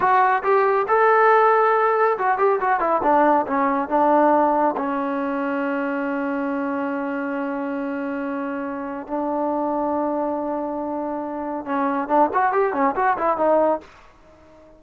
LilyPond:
\new Staff \with { instrumentName = "trombone" } { \time 4/4 \tempo 4 = 139 fis'4 g'4 a'2~ | a'4 fis'8 g'8 fis'8 e'8 d'4 | cis'4 d'2 cis'4~ | cis'1~ |
cis'1~ | cis'4 d'2.~ | d'2. cis'4 | d'8 fis'8 g'8 cis'8 fis'8 e'8 dis'4 | }